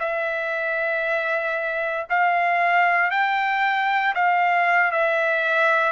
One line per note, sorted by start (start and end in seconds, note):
0.00 2.07 E5
2.10 3.11 F5
3.11 4.14 G5
4.15 4.92 F5
4.92 5.92 E5